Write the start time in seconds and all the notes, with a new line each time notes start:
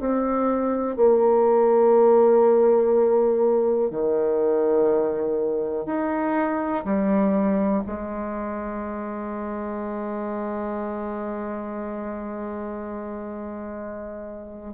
0.00 C4
0.97 A#3
3.91 D#3
5.86 D#4
6.85 G3
7.87 G#3